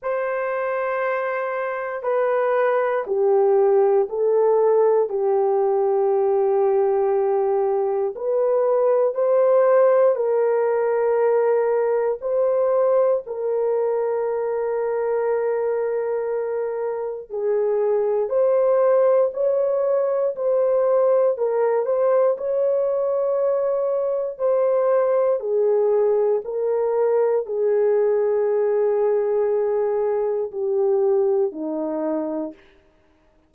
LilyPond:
\new Staff \with { instrumentName = "horn" } { \time 4/4 \tempo 4 = 59 c''2 b'4 g'4 | a'4 g'2. | b'4 c''4 ais'2 | c''4 ais'2.~ |
ais'4 gis'4 c''4 cis''4 | c''4 ais'8 c''8 cis''2 | c''4 gis'4 ais'4 gis'4~ | gis'2 g'4 dis'4 | }